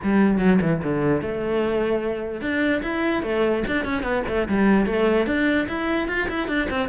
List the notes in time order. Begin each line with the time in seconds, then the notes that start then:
0.03 G3
0.38 F#3
0.61 E3
0.83 D3
1.21 A3
2.41 D4
2.82 E4
3.22 A3
3.67 D4
3.84 C#4
4.02 B3
4.28 A3
4.48 G3
4.86 A3
5.26 D4
5.68 E4
6.08 F4
6.29 E4
6.48 D4
6.70 C4